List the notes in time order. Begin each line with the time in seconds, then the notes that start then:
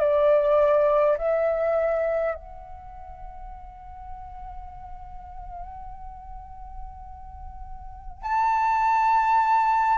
0.00 D5
1.18 E5
2.35 F#5
8.23 A5